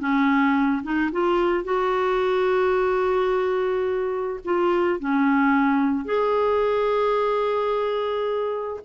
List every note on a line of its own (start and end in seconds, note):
0.00 0.83 C#4
0.84 1.11 D#4
1.12 1.65 F4
1.65 4.40 F#4
4.45 5.00 F4
5.00 6.06 C#4
6.06 8.81 G#4